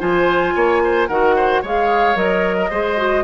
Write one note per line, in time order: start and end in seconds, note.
0.00 0.55 F3
0.00 1.08 F4
0.00 0.54 C5
0.00 1.08 G#5
0.55 1.09 A#3
0.55 0.82 C#5
0.84 1.08 C5
1.08 1.63 D#3
1.08 1.64 F#4
1.08 1.35 A#4
1.08 1.62 F#5
1.36 1.62 C5
1.62 2.16 G#3
1.62 2.16 G#4
1.62 2.56 C#5
1.62 2.17 F5
2.16 2.70 F#3
2.16 2.70 A#4
2.16 3.24 D#5
2.58 2.70 A#4
2.70 3.24 G#3
2.70 2.97 G#4
2.70 3.24 C5
2.97 3.24 F#4